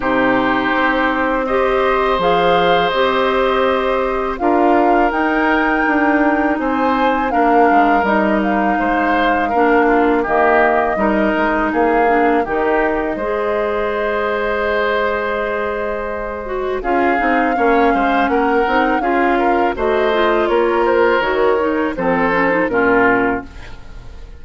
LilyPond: <<
  \new Staff \with { instrumentName = "flute" } { \time 4/4 \tempo 4 = 82 c''2 dis''4 f''4 | dis''2 f''4 g''4~ | g''4 gis''4 f''4 dis''8 f''8~ | f''2 dis''2 |
f''4 dis''2.~ | dis''2. f''4~ | f''4 fis''4 f''4 dis''4 | cis''8 c''8 cis''4 c''4 ais'4 | }
  \new Staff \with { instrumentName = "oboe" } { \time 4/4 g'2 c''2~ | c''2 ais'2~ | ais'4 c''4 ais'2 | c''4 ais'8 f'8 g'4 ais'4 |
gis'4 g'4 c''2~ | c''2. gis'4 | cis''8 c''8 ais'4 gis'8 ais'8 c''4 | ais'2 a'4 f'4 | }
  \new Staff \with { instrumentName = "clarinet" } { \time 4/4 dis'2 g'4 gis'4 | g'2 f'4 dis'4~ | dis'2 d'4 dis'4~ | dis'4 d'4 ais4 dis'4~ |
dis'8 d'8 dis'4 gis'2~ | gis'2~ gis'8 fis'8 f'8 dis'8 | cis'4. dis'8 f'4 fis'8 f'8~ | f'4 fis'8 dis'8 c'8 cis'16 dis'16 cis'4 | }
  \new Staff \with { instrumentName = "bassoon" } { \time 4/4 c4 c'2 f4 | c'2 d'4 dis'4 | d'4 c'4 ais8 gis8 g4 | gis4 ais4 dis4 g8 gis8 |
ais4 dis4 gis2~ | gis2. cis'8 c'8 | ais8 gis8 ais8 c'8 cis'4 a4 | ais4 dis4 f4 ais,4 | }
>>